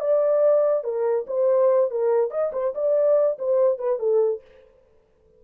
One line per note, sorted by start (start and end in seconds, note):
0.00 0.83 D5
0.83 1.26 A#4
1.27 1.90 C5
1.90 2.30 A#4
2.30 2.51 D#5
2.52 2.73 C5
2.74 3.37 D5
3.38 3.78 C5
3.78 3.99 B4
3.99 4.41 A4